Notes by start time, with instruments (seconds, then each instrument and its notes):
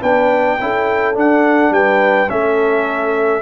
0.00 tuba B3, trombone D4, horn B4, trumpet G5
0.60 tuba C#4, trombone E4, horn A4
1.14 trombone D4, tuba D4, trumpet F#5
1.71 tuba G3, horn B4, trumpet G5
2.29 tuba A3, trombone C#4, horn A4, trumpet E5